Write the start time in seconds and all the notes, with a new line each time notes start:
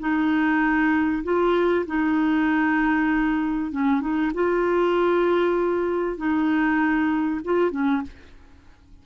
0.00 D#4
1.24 F4
1.87 D#4
3.72 C#4
4.01 D#4
4.34 F4
6.17 D#4
7.45 F4
7.71 C#4